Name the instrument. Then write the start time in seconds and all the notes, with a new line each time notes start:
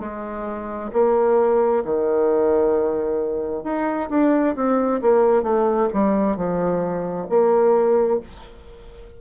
bassoon
0.00 G#3
0.93 A#3
1.85 D#3
3.64 D#4
4.10 D4
4.56 C4
5.02 A#3
5.43 A3
5.93 G3
6.37 F3
7.29 A#3